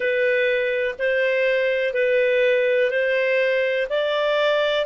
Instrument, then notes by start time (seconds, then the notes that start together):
clarinet
0.00 B4
0.99 C5
1.94 B4
2.90 C5
3.89 D5